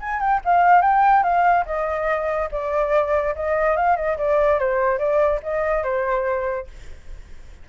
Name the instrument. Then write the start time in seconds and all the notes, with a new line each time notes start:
flute
0.00 G#5
0.20 G5
0.45 F5
0.82 G5
1.23 F5
1.66 D#5
2.51 D5
3.35 D#5
3.76 F5
3.96 D#5
4.18 D5
4.59 C5
4.98 D5
5.43 D#5
5.84 C5